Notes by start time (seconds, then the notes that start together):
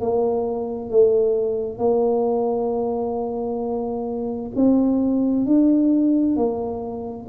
0.00 A#3
0.90 A3
1.78 A#3
4.55 C4
5.45 D4
6.36 A#3